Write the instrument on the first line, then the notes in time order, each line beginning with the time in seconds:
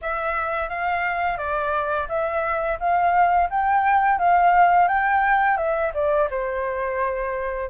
flute
0.01 E5
0.69 F5
1.37 D5
2.08 E5
2.79 F5
3.49 G5
4.19 F5
4.87 G5
5.57 E5
5.93 D5
6.30 C5